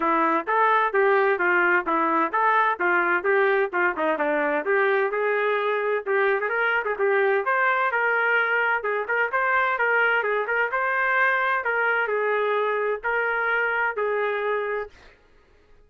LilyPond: \new Staff \with { instrumentName = "trumpet" } { \time 4/4 \tempo 4 = 129 e'4 a'4 g'4 f'4 | e'4 a'4 f'4 g'4 | f'8 dis'8 d'4 g'4 gis'4~ | gis'4 g'8. gis'16 ais'8. gis'16 g'4 |
c''4 ais'2 gis'8 ais'8 | c''4 ais'4 gis'8 ais'8 c''4~ | c''4 ais'4 gis'2 | ais'2 gis'2 | }